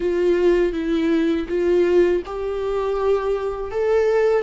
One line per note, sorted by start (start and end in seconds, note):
0.00 0.72 F4
0.72 1.46 E4
1.48 2.22 F4
2.25 3.71 G4
3.71 4.42 A4